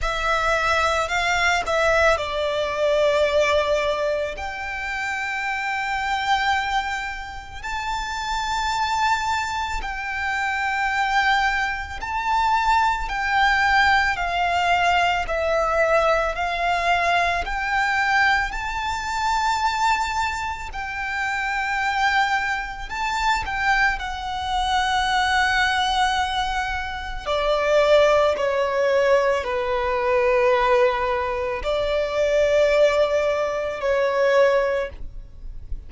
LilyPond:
\new Staff \with { instrumentName = "violin" } { \time 4/4 \tempo 4 = 55 e''4 f''8 e''8 d''2 | g''2. a''4~ | a''4 g''2 a''4 | g''4 f''4 e''4 f''4 |
g''4 a''2 g''4~ | g''4 a''8 g''8 fis''2~ | fis''4 d''4 cis''4 b'4~ | b'4 d''2 cis''4 | }